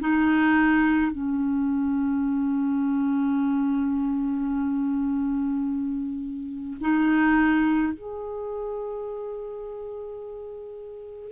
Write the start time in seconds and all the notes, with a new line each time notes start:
0.00 D#4
1.12 C#4
6.81 D#4
7.93 G#4